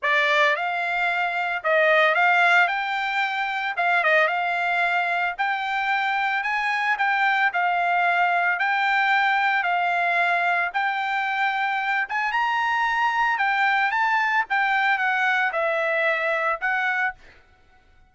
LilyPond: \new Staff \with { instrumentName = "trumpet" } { \time 4/4 \tempo 4 = 112 d''4 f''2 dis''4 | f''4 g''2 f''8 dis''8 | f''2 g''2 | gis''4 g''4 f''2 |
g''2 f''2 | g''2~ g''8 gis''8 ais''4~ | ais''4 g''4 a''4 g''4 | fis''4 e''2 fis''4 | }